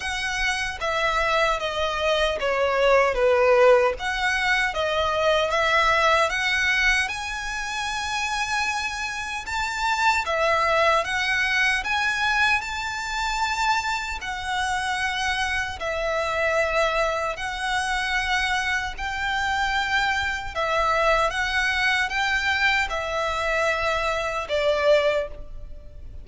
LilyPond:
\new Staff \with { instrumentName = "violin" } { \time 4/4 \tempo 4 = 76 fis''4 e''4 dis''4 cis''4 | b'4 fis''4 dis''4 e''4 | fis''4 gis''2. | a''4 e''4 fis''4 gis''4 |
a''2 fis''2 | e''2 fis''2 | g''2 e''4 fis''4 | g''4 e''2 d''4 | }